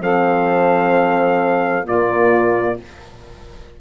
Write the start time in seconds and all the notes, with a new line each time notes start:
0.00 F3 C4 A4 F5
1.84 A#2 A#3 F4 D5